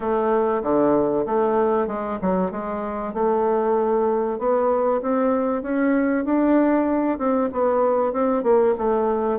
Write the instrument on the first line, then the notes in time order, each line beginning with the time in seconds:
bassoon
0.00 A3
0.62 D3
1.26 A3
1.87 G#3
2.21 F#3
2.51 G#3
3.13 A3
4.38 B3
5.02 C4
5.62 C#4
6.24 D4
7.18 C4
7.52 B3
8.12 C4
8.43 A#3
8.78 A3